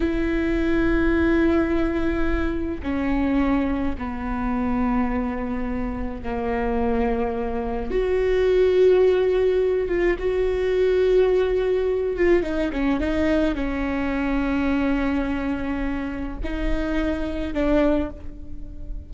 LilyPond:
\new Staff \with { instrumentName = "viola" } { \time 4/4 \tempo 4 = 106 e'1~ | e'4 cis'2 b4~ | b2. ais4~ | ais2 fis'2~ |
fis'4. f'8 fis'2~ | fis'4. f'8 dis'8 cis'8 dis'4 | cis'1~ | cis'4 dis'2 d'4 | }